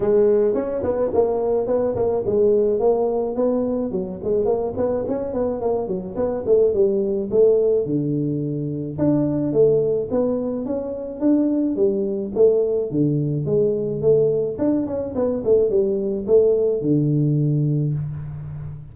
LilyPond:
\new Staff \with { instrumentName = "tuba" } { \time 4/4 \tempo 4 = 107 gis4 cis'8 b8 ais4 b8 ais8 | gis4 ais4 b4 fis8 gis8 | ais8 b8 cis'8 b8 ais8 fis8 b8 a8 | g4 a4 d2 |
d'4 a4 b4 cis'4 | d'4 g4 a4 d4 | gis4 a4 d'8 cis'8 b8 a8 | g4 a4 d2 | }